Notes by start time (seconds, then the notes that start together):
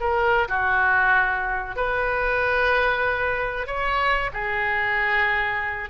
0.00 A#4
0.48 F#4
1.76 B4
3.66 C#5
4.33 G#4